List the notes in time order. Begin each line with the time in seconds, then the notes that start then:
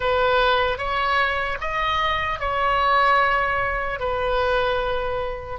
0.00 B4
0.78 C#5
1.60 D#5
2.39 C#5
3.99 B4